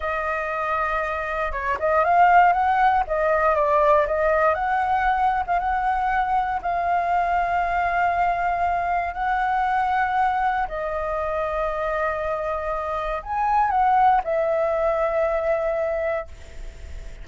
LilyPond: \new Staff \with { instrumentName = "flute" } { \time 4/4 \tempo 4 = 118 dis''2. cis''8 dis''8 | f''4 fis''4 dis''4 d''4 | dis''4 fis''4.~ fis''16 f''16 fis''4~ | fis''4 f''2.~ |
f''2 fis''2~ | fis''4 dis''2.~ | dis''2 gis''4 fis''4 | e''1 | }